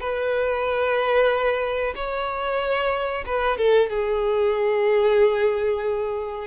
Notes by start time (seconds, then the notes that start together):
0.00 B4
1.95 C#5
3.26 B4
3.57 A4
3.89 G#4